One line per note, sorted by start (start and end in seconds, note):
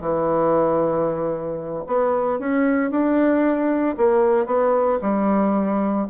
0.00 1.84 E3
1.87 2.39 B3
2.39 2.90 C#4
2.90 3.96 D4
3.97 4.46 A#3
4.46 4.99 B3
5.02 6.07 G3